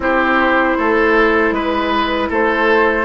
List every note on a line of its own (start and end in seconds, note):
0.00 0.75 C4
0.00 3.05 E4
0.00 0.77 G4
0.00 1.54 C5
0.77 1.51 A3
0.77 1.54 A4
1.51 2.28 G#3
1.51 2.29 B4
1.51 2.31 B4
2.29 3.05 A3
2.29 3.05 A4
2.29 3.05 C5